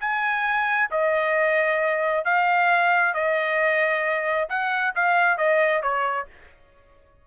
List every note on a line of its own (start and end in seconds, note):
0.00 0.90 G#5
0.91 2.25 D#5
2.25 3.14 F5
3.14 4.49 D#5
4.49 4.94 F#5
4.95 5.38 F5
5.38 5.82 D#5
5.82 6.27 C#5